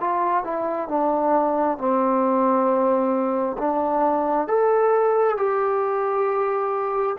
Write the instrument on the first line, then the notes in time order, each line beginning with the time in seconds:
trombone
0.00 F4
0.44 E4
0.89 D4
1.78 C4
3.58 D4
4.48 A4
5.37 G4